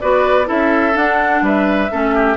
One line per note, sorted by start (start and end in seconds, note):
0.00 0.50 B3
0.00 0.45 F#4
0.00 0.48 B4
0.00 0.48 D5
0.45 0.96 C#4
0.45 0.93 E4
0.45 1.43 A4
0.45 0.97 E5
0.95 1.90 D4
0.95 1.42 D4
0.95 1.45 F#5
1.42 1.90 G3
1.42 1.92 B4
1.42 2.37 E5
1.91 2.37 A3
1.91 2.37 C#4
1.91 2.15 A4
2.15 2.37 G4